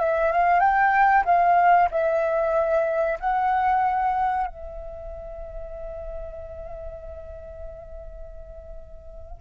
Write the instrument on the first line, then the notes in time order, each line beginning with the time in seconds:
flute
0.00 E5
0.32 F5
0.60 G5
1.25 F5
1.91 E5
3.20 F#5
4.47 E5